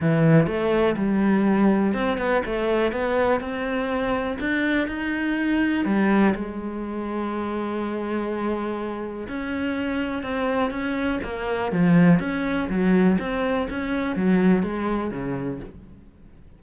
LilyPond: \new Staff \with { instrumentName = "cello" } { \time 4/4 \tempo 4 = 123 e4 a4 g2 | c'8 b8 a4 b4 c'4~ | c'4 d'4 dis'2 | g4 gis2.~ |
gis2. cis'4~ | cis'4 c'4 cis'4 ais4 | f4 cis'4 fis4 c'4 | cis'4 fis4 gis4 cis4 | }